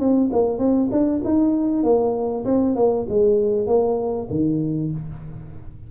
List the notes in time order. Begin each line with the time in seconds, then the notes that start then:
0.00 C4
0.33 A#3
0.59 C4
0.92 D4
1.25 D#4
1.84 A#3
2.45 C4
2.76 A#3
3.09 G#3
3.67 A#3
4.31 D#3